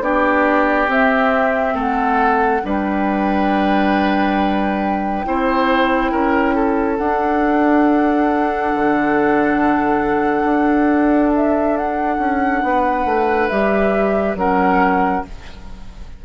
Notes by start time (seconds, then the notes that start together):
0.00 B3 D4 G4 D5
0.87 C4 E5
1.74 A3 A4 F#5
2.63 G3 D4 B4 G5
5.24 C4 E4 C5
6.11 C#4 A#4
6.55 A4
6.97 D4 F#5
8.74 D3
10.44 D4
11.35 E5
11.77 F#5
12.18 C#4
12.62 B3 B4
13.05 A3
13.48 G3 G4 E5
14.35 F#3 C#4 A#4 F#5